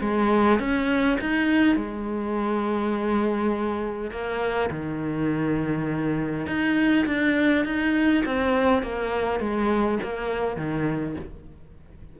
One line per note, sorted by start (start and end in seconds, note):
0.00 0.59 G#3
0.59 1.18 C#4
1.20 1.76 D#4
1.76 4.11 G#3
4.11 4.70 A#3
4.70 6.46 D#3
6.47 7.05 D#4
7.06 7.65 D4
7.65 8.24 D#4
8.25 8.82 C4
8.82 9.39 A#3
9.39 9.98 G#3
10.02 10.56 A#3
10.56 11.15 D#3